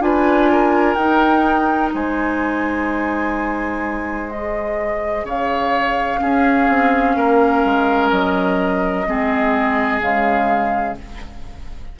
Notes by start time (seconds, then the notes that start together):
0.00 D4 F4 B4 G#5
0.52 A#4
0.94 D#4 G5
1.94 G#3 C5 G#5
4.30 G#4 D#5
5.24 C#3 C#5 F5
6.19 C#4 G#4
6.68 C4
7.16 A#3 A#4
7.65 G#3
8.10 F#3 D#5
9.06 G#3 C4 G#4
10.01 C#3 G#3 F5